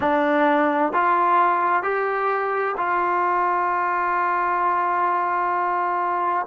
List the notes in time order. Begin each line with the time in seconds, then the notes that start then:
0.00 D4
0.92 F4
1.83 G4
2.77 F4